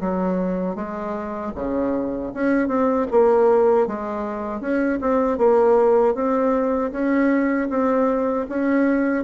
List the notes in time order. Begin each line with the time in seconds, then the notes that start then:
0.00 F#3
0.75 G#3
1.55 C#3
2.33 C#4
2.67 C4
3.10 A#3
3.87 G#3
4.60 C#4
5.00 C4
5.38 A#3
6.14 C4
6.92 C#4
7.69 C4
8.49 C#4